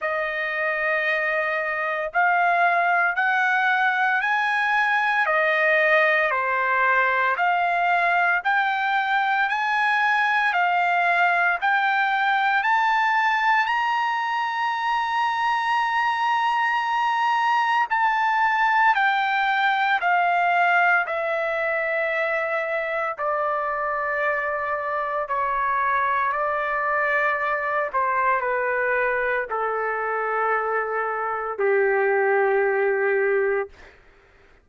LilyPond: \new Staff \with { instrumentName = "trumpet" } { \time 4/4 \tempo 4 = 57 dis''2 f''4 fis''4 | gis''4 dis''4 c''4 f''4 | g''4 gis''4 f''4 g''4 | a''4 ais''2.~ |
ais''4 a''4 g''4 f''4 | e''2 d''2 | cis''4 d''4. c''8 b'4 | a'2 g'2 | }